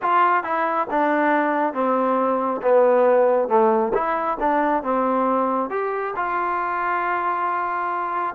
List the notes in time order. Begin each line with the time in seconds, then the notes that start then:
0.02 F4
0.43 E4
0.90 D4
1.73 C4
2.61 B3
3.48 A3
3.94 E4
4.40 D4
4.83 C4
5.70 G4
6.15 F4